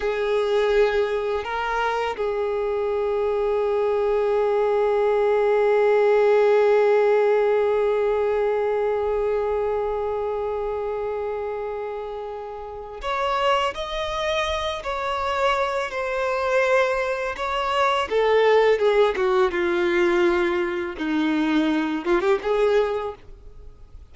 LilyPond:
\new Staff \with { instrumentName = "violin" } { \time 4/4 \tempo 4 = 83 gis'2 ais'4 gis'4~ | gis'1~ | gis'1~ | gis'1~ |
gis'2 cis''4 dis''4~ | dis''8 cis''4. c''2 | cis''4 a'4 gis'8 fis'8 f'4~ | f'4 dis'4. f'16 g'16 gis'4 | }